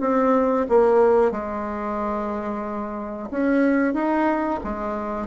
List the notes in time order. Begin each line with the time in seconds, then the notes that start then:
0.00 C4
0.68 A#3
1.31 G#3
3.30 C#4
3.94 D#4
4.64 G#3